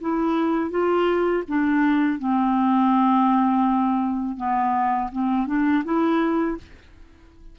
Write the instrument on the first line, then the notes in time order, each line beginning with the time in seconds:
clarinet
0.00 E4
0.70 F4
1.48 D4
2.19 C4
4.37 B3
5.12 C4
5.46 D4
5.84 E4